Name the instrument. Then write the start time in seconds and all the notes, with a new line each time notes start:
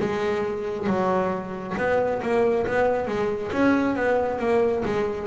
double bass
0.00 G#3
0.87 F#3
1.78 B3
2.23 A#3
2.67 B3
3.08 G#3
3.53 C#4
3.96 B3
4.40 A#3
4.85 G#3